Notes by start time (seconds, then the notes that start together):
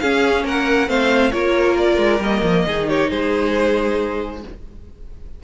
0.00 C#4 G#4 F5
0.44 A#3 A#4 F#5
0.88 A3 C4 C5 F5
1.32 A#3 F4 A#4 C#5
1.78 D5
1.98 G#3
2.19 G3 A#3 D#5
2.43 F3
2.66 D#3 D#4 G#4
2.89 G4 C#5
3.11 G#3 G#4 C5